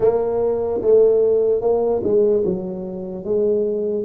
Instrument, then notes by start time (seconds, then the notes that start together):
tuba
0.00 A#3
0.81 A3
1.61 A#3
2.03 G#3
2.44 F#3
3.24 G#3